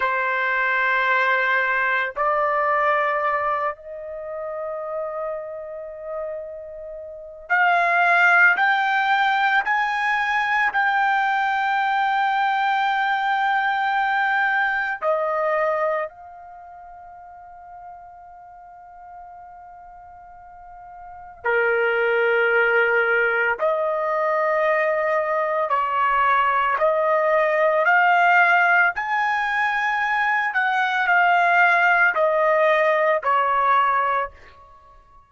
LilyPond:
\new Staff \with { instrumentName = "trumpet" } { \time 4/4 \tempo 4 = 56 c''2 d''4. dis''8~ | dis''2. f''4 | g''4 gis''4 g''2~ | g''2 dis''4 f''4~ |
f''1 | ais'2 dis''2 | cis''4 dis''4 f''4 gis''4~ | gis''8 fis''8 f''4 dis''4 cis''4 | }